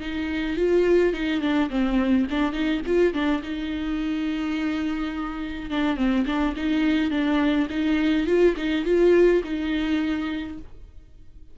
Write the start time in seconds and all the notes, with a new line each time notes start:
0.00 D#4
0.56 F4
1.13 D#4
1.41 D4
1.70 C4
2.30 D4
2.52 D#4
2.86 F4
3.13 D4
3.42 D#4
5.70 D4
5.96 C4
6.26 D4
6.56 D#4
7.10 D4
7.69 D#4
8.26 F4
8.56 D#4
8.85 F4
9.44 D#4